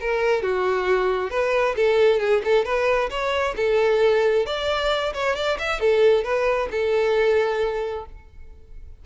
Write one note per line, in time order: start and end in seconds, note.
0.00 0.42 A#4
0.42 1.30 F#4
1.30 1.75 B4
1.76 2.19 A4
2.19 2.42 G#4
2.44 2.65 A4
2.65 3.09 B4
3.10 3.55 C#5
3.56 4.46 A4
4.46 5.13 D5
5.14 5.35 C#5
5.35 5.57 D5
5.58 5.79 E5
5.79 6.24 A4
6.24 6.68 B4
6.71 8.05 A4